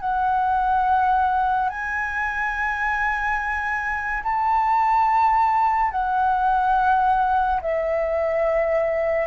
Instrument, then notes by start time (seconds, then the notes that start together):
flute
0.00 F#5
1.69 G#5
4.23 A5
5.91 F#5
7.61 E5